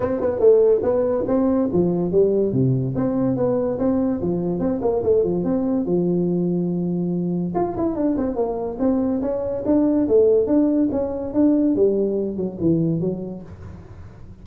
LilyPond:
\new Staff \with { instrumentName = "tuba" } { \time 4/4 \tempo 4 = 143 c'8 b8 a4 b4 c'4 | f4 g4 c4 c'4 | b4 c'4 f4 c'8 ais8 | a8 f8 c'4 f2~ |
f2 f'8 e'8 d'8 c'8 | ais4 c'4 cis'4 d'4 | a4 d'4 cis'4 d'4 | g4. fis8 e4 fis4 | }